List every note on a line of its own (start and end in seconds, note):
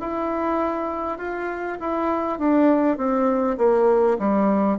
0.00 1.18 E4
1.18 1.78 F4
1.80 2.38 E4
2.38 2.97 D4
2.97 3.57 C4
3.57 4.17 A#3
4.19 4.78 G3